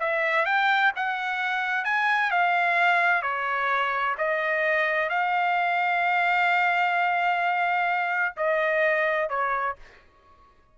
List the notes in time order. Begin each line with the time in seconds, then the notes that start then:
0.00 E5
0.46 G5
0.96 F#5
1.85 G#5
2.31 F5
3.23 C#5
4.18 D#5
5.10 F5
8.37 D#5
9.30 C#5